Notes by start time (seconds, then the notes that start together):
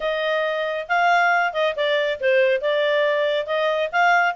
0.00 D#5
0.88 F5
1.53 D#5
1.75 D5
2.20 C5
2.61 D5
3.46 D#5
3.92 F5